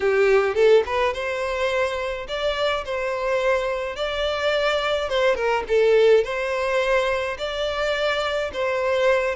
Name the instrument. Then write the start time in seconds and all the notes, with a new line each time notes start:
violin
0.00 G4
0.55 A4
0.86 B4
1.13 C5
2.27 D5
2.85 C5
3.95 D5
5.09 C5
5.35 A#4
5.68 A4
6.24 C5
7.38 D5
8.53 C5